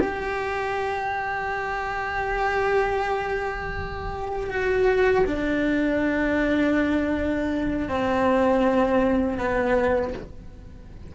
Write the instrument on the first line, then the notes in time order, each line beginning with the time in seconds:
cello
0.00 G4
4.50 F#4
5.26 D4
7.88 C4
9.38 B3